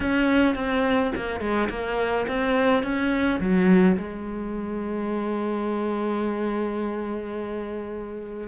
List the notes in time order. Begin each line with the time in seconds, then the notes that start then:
0.00 C#4
0.55 C4
1.15 A#3
1.40 G#3
1.69 A#3
2.27 C4
2.83 C#4
3.40 F#3
3.97 G#3